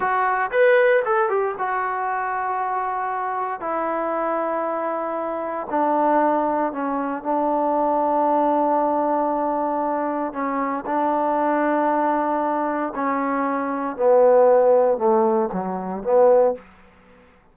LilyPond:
\new Staff \with { instrumentName = "trombone" } { \time 4/4 \tempo 4 = 116 fis'4 b'4 a'8 g'8 fis'4~ | fis'2. e'4~ | e'2. d'4~ | d'4 cis'4 d'2~ |
d'1 | cis'4 d'2.~ | d'4 cis'2 b4~ | b4 a4 fis4 b4 | }